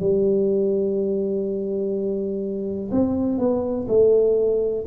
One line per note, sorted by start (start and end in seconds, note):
0.00 2.90 G3
2.92 3.38 C4
3.38 3.87 B3
3.88 4.85 A3